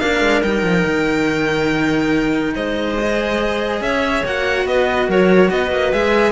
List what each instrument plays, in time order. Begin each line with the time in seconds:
0.00 cello A#3 D4, clarinet A#4, violin F5
0.21 cello G#3
0.43 cello G3 D#4, violin G5
0.63 cello F3
0.86 cello D#3
2.56 cello G#3, clarinet C5, violin D#5
2.99 cello G#4
3.81 cello C#4, clarinet C#5, violin E5
4.26 cello A#3 F#4, violin F#5
4.66 cello B3, clarinet B4, violin D#5
5.08 cello F#3, clarinet A#4, violin C#5
5.51 cello B3, clarinet B4, violin D#5
5.72 cello A#3
5.93 cello G#3 G#4, violin E5